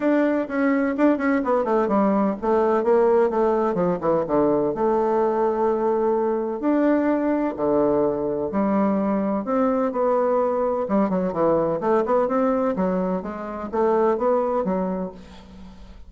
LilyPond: \new Staff \with { instrumentName = "bassoon" } { \time 4/4 \tempo 4 = 127 d'4 cis'4 d'8 cis'8 b8 a8 | g4 a4 ais4 a4 | f8 e8 d4 a2~ | a2 d'2 |
d2 g2 | c'4 b2 g8 fis8 | e4 a8 b8 c'4 fis4 | gis4 a4 b4 fis4 | }